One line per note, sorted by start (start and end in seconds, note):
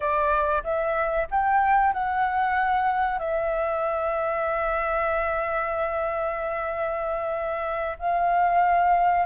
0.00 0.62 D5
0.63 1.27 E5
1.31 1.93 G5
1.93 3.18 F#5
3.18 7.97 E5
7.98 9.25 F5